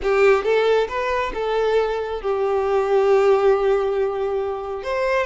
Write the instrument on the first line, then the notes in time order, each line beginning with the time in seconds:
violin
0.02 G4
0.44 A4
0.88 B4
1.34 A4
2.21 G4
4.83 C5